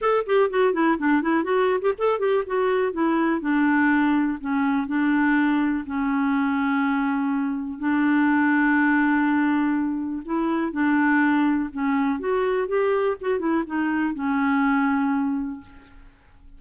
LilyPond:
\new Staff \with { instrumentName = "clarinet" } { \time 4/4 \tempo 4 = 123 a'8 g'8 fis'8 e'8 d'8 e'8 fis'8. g'16 | a'8 g'8 fis'4 e'4 d'4~ | d'4 cis'4 d'2 | cis'1 |
d'1~ | d'4 e'4 d'2 | cis'4 fis'4 g'4 fis'8 e'8 | dis'4 cis'2. | }